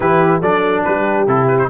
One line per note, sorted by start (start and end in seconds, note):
0.00 0.41 E3
0.00 0.41 E4
0.00 0.40 G4
0.00 0.41 B4
0.40 0.83 F#3
0.40 1.27 D4
0.40 0.83 A4
0.40 0.84 D5
0.84 1.27 G3
0.84 1.69 G4
0.84 1.26 B4
1.27 1.69 C3
1.27 1.69 E4
1.27 1.47 A4
1.47 1.58 B4
1.58 1.69 C5